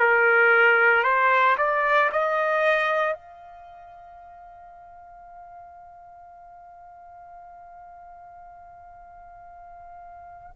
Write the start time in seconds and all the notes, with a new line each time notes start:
0.00 A#4
1.03 C5
1.57 D5
2.12 D#5
3.14 F5